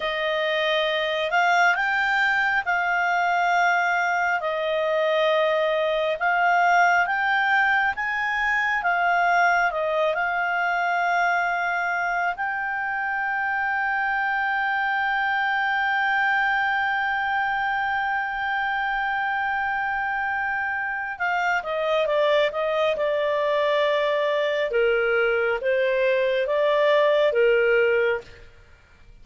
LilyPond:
\new Staff \with { instrumentName = "clarinet" } { \time 4/4 \tempo 4 = 68 dis''4. f''8 g''4 f''4~ | f''4 dis''2 f''4 | g''4 gis''4 f''4 dis''8 f''8~ | f''2 g''2~ |
g''1~ | g''1 | f''8 dis''8 d''8 dis''8 d''2 | ais'4 c''4 d''4 ais'4 | }